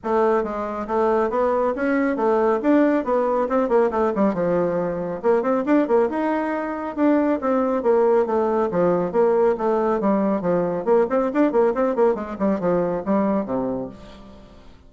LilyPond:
\new Staff \with { instrumentName = "bassoon" } { \time 4/4 \tempo 4 = 138 a4 gis4 a4 b4 | cis'4 a4 d'4 b4 | c'8 ais8 a8 g8 f2 | ais8 c'8 d'8 ais8 dis'2 |
d'4 c'4 ais4 a4 | f4 ais4 a4 g4 | f4 ais8 c'8 d'8 ais8 c'8 ais8 | gis8 g8 f4 g4 c4 | }